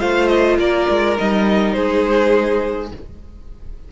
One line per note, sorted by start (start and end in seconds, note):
0.00 0.58 A3
0.00 1.16 F4
0.00 0.59 C5
0.00 0.28 F5
0.28 0.57 D#5
0.58 0.87 A#3
0.58 1.76 A#4
0.58 1.18 D5
0.90 1.19 G#3
1.16 1.76 G3
1.16 2.91 D#4
1.16 1.73 D#5
1.73 2.92 G#3
1.73 2.92 G#4
1.73 2.90 C5